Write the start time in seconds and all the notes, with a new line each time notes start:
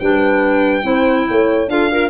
0.00 G3 D4 B4 G5
0.83 C4 E4 C5
1.28 A3 C#5
1.68 D4 F4 A4 F5
1.91 F4 A#4